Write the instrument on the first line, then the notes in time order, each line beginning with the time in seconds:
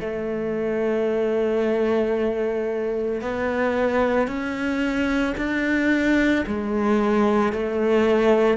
cello
0.00 A3
3.21 B3
4.27 C#4
5.37 D4
6.47 G#3
7.52 A3